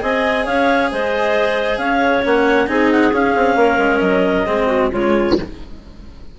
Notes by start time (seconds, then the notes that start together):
0.00 C4 G#4 D#5 G#5
0.44 C#4 C#5 F5
0.91 G#3 C5 D#5
1.78 C#4 C#5 F5
2.23 A#3 C#4 F#5
2.67 C4 D#4 G#4 G#5
2.91 F#5
3.12 C#4 F5
3.35 C4
3.55 A#3 A#4
3.78 G#3
3.98 F#3 D#5
4.46 G#3 C4 G#4
4.67 F#4
4.91 C#3 G#3 F4 C#5